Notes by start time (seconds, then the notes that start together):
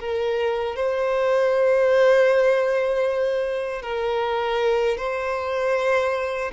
0.00 A#4
0.76 C5
3.83 A#4
4.98 C5